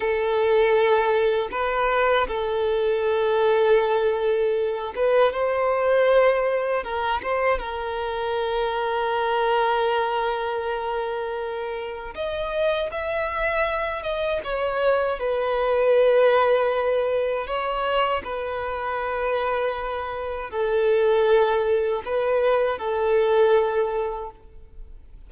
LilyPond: \new Staff \with { instrumentName = "violin" } { \time 4/4 \tempo 4 = 79 a'2 b'4 a'4~ | a'2~ a'8 b'8 c''4~ | c''4 ais'8 c''8 ais'2~ | ais'1 |
dis''4 e''4. dis''8 cis''4 | b'2. cis''4 | b'2. a'4~ | a'4 b'4 a'2 | }